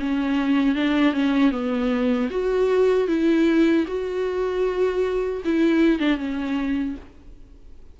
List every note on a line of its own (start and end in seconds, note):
0.00 0.75 C#4
0.75 1.14 D4
1.14 1.52 C#4
1.52 2.30 B3
2.31 3.08 F#4
3.08 3.86 E4
3.87 5.43 F#4
5.45 6.00 E4
6.00 6.18 D4
6.18 6.96 C#4